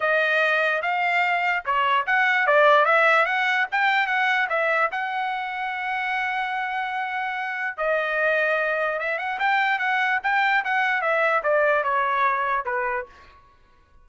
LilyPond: \new Staff \with { instrumentName = "trumpet" } { \time 4/4 \tempo 4 = 147 dis''2 f''2 | cis''4 fis''4 d''4 e''4 | fis''4 g''4 fis''4 e''4 | fis''1~ |
fis''2. dis''4~ | dis''2 e''8 fis''8 g''4 | fis''4 g''4 fis''4 e''4 | d''4 cis''2 b'4 | }